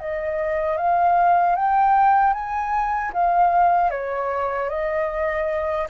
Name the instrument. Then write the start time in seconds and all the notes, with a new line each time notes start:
flute
0.00 D#5
0.78 F5
1.56 G5
2.34 G#5
3.14 F5
3.91 C#5
4.69 D#5